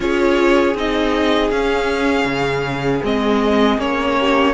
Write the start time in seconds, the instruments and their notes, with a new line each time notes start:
0.00 cello C#4, viola F4, violin G#4 C#5
0.74 cello C4, viola D#4, violin D#5
1.50 cello C#4, viola C#4, violin F5
2.25 cello C#3
3.03 cello G#3, viola C4, violin D#5
3.78 cello A#3, viola C#4, violin C#5
4.18 violin G4